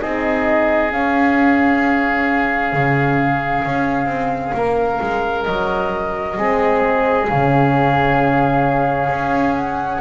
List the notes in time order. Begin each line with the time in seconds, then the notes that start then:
0.00 C4 D#4 G#4 D#5
0.91 C#4 F5
2.73 C#3
3.65 C#4
4.06 C4
4.54 A#3 A#4
5.01 G#3
5.44 F#3 D#5
6.36 G#3 C4 G#4
7.28 C#3 C#4 F5
9.09 C#4
9.56 F#5